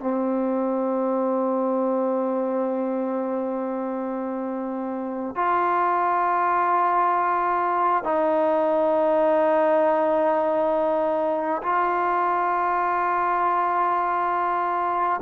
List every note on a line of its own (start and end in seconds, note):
0.00 5.35 C4
5.35 8.04 F4
8.04 11.62 D#4
11.63 15.21 F4